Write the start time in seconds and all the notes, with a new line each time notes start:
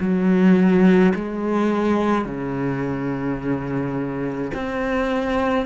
0.00 F#3
1.15 G#3
2.25 C#3
4.54 C4